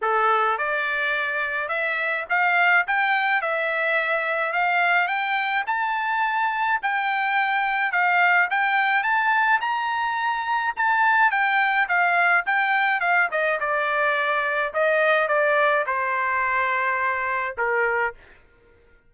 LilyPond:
\new Staff \with { instrumentName = "trumpet" } { \time 4/4 \tempo 4 = 106 a'4 d''2 e''4 | f''4 g''4 e''2 | f''4 g''4 a''2 | g''2 f''4 g''4 |
a''4 ais''2 a''4 | g''4 f''4 g''4 f''8 dis''8 | d''2 dis''4 d''4 | c''2. ais'4 | }